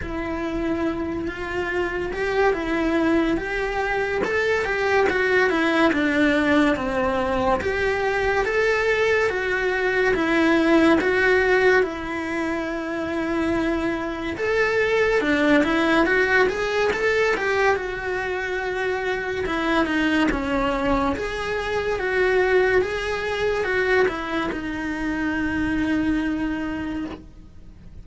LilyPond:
\new Staff \with { instrumentName = "cello" } { \time 4/4 \tempo 4 = 71 e'4. f'4 g'8 e'4 | g'4 a'8 g'8 fis'8 e'8 d'4 | c'4 g'4 a'4 fis'4 | e'4 fis'4 e'2~ |
e'4 a'4 d'8 e'8 fis'8 gis'8 | a'8 g'8 fis'2 e'8 dis'8 | cis'4 gis'4 fis'4 gis'4 | fis'8 e'8 dis'2. | }